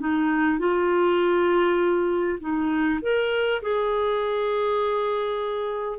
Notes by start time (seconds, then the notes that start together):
0.00 D#4
0.59 F4
2.40 D#4
3.02 A#4
3.62 G#4